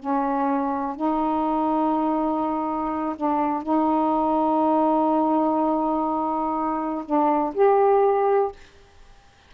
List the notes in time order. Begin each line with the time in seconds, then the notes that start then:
0.00 C#4
0.97 D#4
3.17 D4
3.63 D#4
7.06 D4
7.55 G4